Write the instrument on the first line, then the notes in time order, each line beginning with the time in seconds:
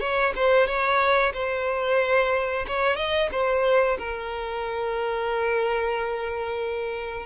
violin
0.00 C#5
0.36 C5
0.67 C#5
1.34 C5
2.67 C#5
2.96 D#5
3.31 C5
3.99 A#4